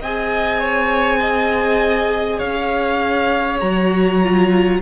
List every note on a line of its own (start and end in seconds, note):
0.00 2.42 C4
0.00 3.61 G#4
0.00 0.59 D#5
0.00 2.39 G#5
0.59 1.19 C#5
1.20 2.39 D#5
2.39 3.62 C#4
2.39 4.79 C#5
2.39 3.59 F5
3.60 4.82 F#3
3.60 4.21 F#4
3.60 4.80 A#5
4.24 4.82 F4